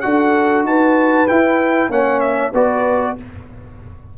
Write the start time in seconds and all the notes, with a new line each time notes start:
0.00 D4 F#4 A4 F#5
0.63 D#4 B4 A5
1.27 E4 G5
1.89 A#3 C#4 C#5 F#5
2.20 E5
2.52 B3 F#4 B4 D5